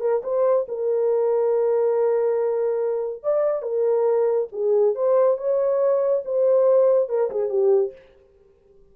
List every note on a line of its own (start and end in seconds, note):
0.00 0.21 A#4
0.23 0.66 C5
0.68 3.23 A#4
3.23 3.62 D5
3.62 4.47 A#4
4.52 4.95 G#4
4.95 5.37 C5
5.37 6.23 C#5
6.25 7.09 C5
7.09 7.30 A#4
7.30 7.49 G#4
7.49 7.92 G4